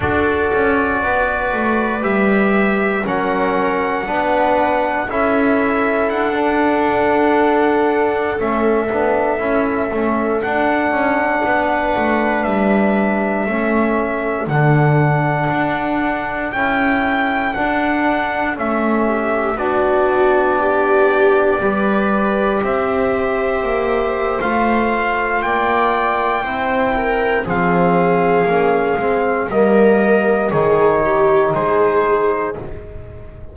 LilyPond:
<<
  \new Staff \with { instrumentName = "trumpet" } { \time 4/4 \tempo 4 = 59 d''2 e''4 fis''4~ | fis''4 e''4 fis''2~ | fis''16 e''2 fis''4.~ fis''16~ | fis''16 e''2 fis''4.~ fis''16~ |
fis''16 g''4 fis''4 e''4 d''8.~ | d''2~ d''16 e''4.~ e''16 | f''4 g''2 f''4~ | f''4 dis''4 cis''4 c''4 | }
  \new Staff \with { instrumentName = "viola" } { \time 4/4 a'4 b'2 ais'4 | b'4 a'2.~ | a'2.~ a'16 b'8.~ | b'4~ b'16 a'2~ a'8.~ |
a'2~ a'8. g'8 fis'8.~ | fis'16 g'4 b'4 c''4.~ c''16~ | c''4 d''4 c''8 ais'8 gis'4~ | gis'4 ais'4 gis'8 g'8 gis'4 | }
  \new Staff \with { instrumentName = "trombone" } { \time 4/4 fis'2 g'4 cis'4 | d'4 e'4~ e'16 d'4.~ d'16~ | d'16 cis'8 d'8 e'8 cis'8 d'4.~ d'16~ | d'4~ d'16 cis'4 d'4.~ d'16~ |
d'16 e'4 d'4 cis'4 d'8.~ | d'4~ d'16 g'2~ g'8. | f'2 e'4 c'4 | cis'8 c'8 ais4 dis'2 | }
  \new Staff \with { instrumentName = "double bass" } { \time 4/4 d'8 cis'8 b8 a8 g4 fis4 | b4 cis'4 d'2~ | d'16 a8 b8 cis'8 a8 d'8 cis'8 b8 a16~ | a16 g4 a4 d4 d'8.~ |
d'16 cis'4 d'4 a4 b8.~ | b4~ b16 g4 c'4 ais8. | a4 ais4 c'4 f4 | ais8 gis8 g4 dis4 gis4 | }
>>